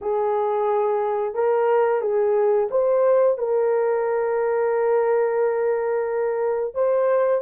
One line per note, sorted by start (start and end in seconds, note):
0.01 1.34 G#4
1.34 2.01 A#4
2.01 2.68 G#4
2.71 3.38 C5
3.38 6.74 A#4
6.74 7.41 C5